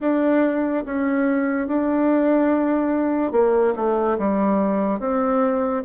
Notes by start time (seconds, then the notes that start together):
0.00 D4
0.85 C#4
1.67 D4
3.31 A#3
3.75 A3
4.18 G3
4.99 C4